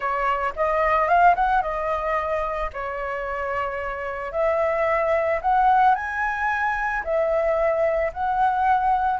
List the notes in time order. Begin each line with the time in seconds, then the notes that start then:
0.00 C#5
0.56 D#5
1.08 F5
1.35 F#5
1.62 D#5
2.73 C#5
4.31 E5
5.41 F#5
5.95 G#5
7.03 E5
8.13 F#5